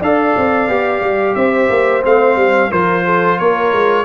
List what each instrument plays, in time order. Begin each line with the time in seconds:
0.00 tuba D4, trombone A4, horn D5, trumpet F5
0.37 tuba C4
0.68 tuba B3, trombone G4
1.01 tuba G3
1.35 tuba C4, horn C5, trumpet E5
1.70 tuba A#3
2.04 tuba A3, trombone C4, trumpet F5
2.36 tuba G3
2.71 tuba F3, trombone F4, horn A#4, trumpet C5
3.06 horn A4
3.39 tuba A#3, horn A#4, trumpet C#5
3.73 tuba G#3